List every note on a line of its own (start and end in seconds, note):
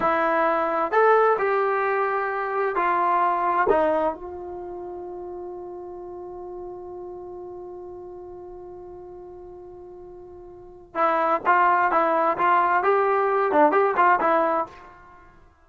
0.00 0.91 E4
0.91 1.37 A4
1.38 2.75 G4
2.75 3.67 F4
3.69 4.13 D#4
4.13 10.94 F4
10.94 11.40 E4
11.45 11.91 F4
11.91 12.37 E4
12.37 12.83 F4
12.83 13.51 G4
13.51 13.71 D4
13.71 13.94 G4
13.96 14.19 F4
14.20 14.66 E4